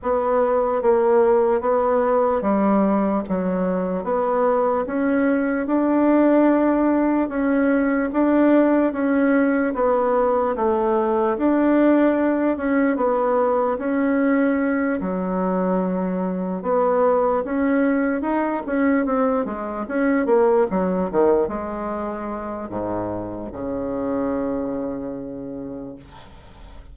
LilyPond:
\new Staff \with { instrumentName = "bassoon" } { \time 4/4 \tempo 4 = 74 b4 ais4 b4 g4 | fis4 b4 cis'4 d'4~ | d'4 cis'4 d'4 cis'4 | b4 a4 d'4. cis'8 |
b4 cis'4. fis4.~ | fis8 b4 cis'4 dis'8 cis'8 c'8 | gis8 cis'8 ais8 fis8 dis8 gis4. | gis,4 cis2. | }